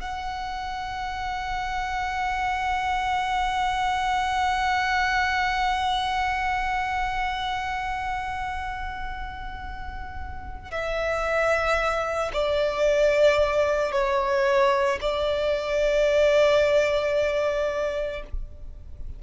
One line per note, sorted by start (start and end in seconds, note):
0.00 10.71 F#5
10.71 12.32 E5
12.33 13.92 D5
13.92 14.99 C#5
15.01 18.22 D5